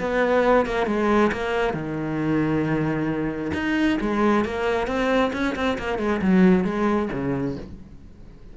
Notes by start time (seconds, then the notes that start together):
0.00 B3
0.66 A#3
0.87 G#3
1.32 A#3
1.74 D#3
3.54 D#4
4.01 G#3
4.45 A#3
4.88 C4
5.34 C#4
5.56 C4
5.79 A#3
5.99 G#3
6.22 F#3
6.65 G#3
7.13 C#3